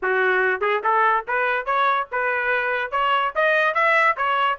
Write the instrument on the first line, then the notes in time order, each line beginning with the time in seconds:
trumpet
0.02 F#4
0.60 G#4
0.83 A4
1.27 B4
1.65 C#5
2.11 B4
2.91 C#5
3.35 D#5
3.74 E5
4.16 C#5